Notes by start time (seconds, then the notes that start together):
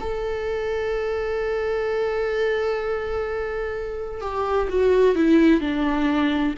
0.00 A4
4.21 G4
4.69 F#4
5.15 E4
5.60 D4